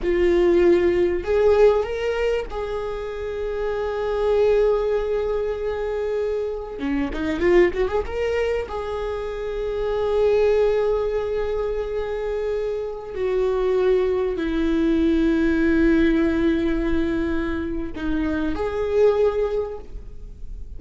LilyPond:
\new Staff \with { instrumentName = "viola" } { \time 4/4 \tempo 4 = 97 f'2 gis'4 ais'4 | gis'1~ | gis'2. cis'8 dis'8 | f'8 fis'16 gis'16 ais'4 gis'2~ |
gis'1~ | gis'4~ gis'16 fis'2 e'8.~ | e'1~ | e'4 dis'4 gis'2 | }